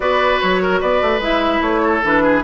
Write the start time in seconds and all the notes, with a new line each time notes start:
0.00 B3 F#4 B4 D5
0.39 F#3 C#5
0.62 A#4
0.80 B3 B4 D5
1.01 A3
1.19 G#3 E4 E5
1.61 A3 C#5
1.82 A4
2.03 E3 D4 B4
2.23 G#4